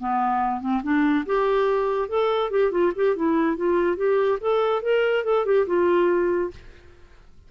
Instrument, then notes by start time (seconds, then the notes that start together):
clarinet
0.00 B3
0.61 C4
0.83 D4
1.26 G4
2.09 A4
2.50 G4
2.71 F4
2.95 G4
3.16 E4
3.57 F4
3.97 G4
4.41 A4
4.82 A#4
5.24 A4
5.45 G4
5.67 F4